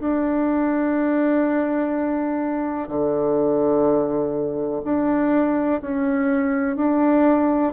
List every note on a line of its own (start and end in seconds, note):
0.00 2.89 D4
2.89 4.83 D3
4.85 5.82 D4
5.82 6.77 C#4
6.77 7.73 D4